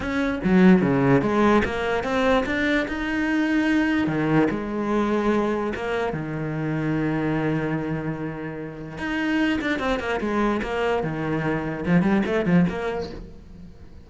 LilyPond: \new Staff \with { instrumentName = "cello" } { \time 4/4 \tempo 4 = 147 cis'4 fis4 cis4 gis4 | ais4 c'4 d'4 dis'4~ | dis'2 dis4 gis4~ | gis2 ais4 dis4~ |
dis1~ | dis2 dis'4. d'8 | c'8 ais8 gis4 ais4 dis4~ | dis4 f8 g8 a8 f8 ais4 | }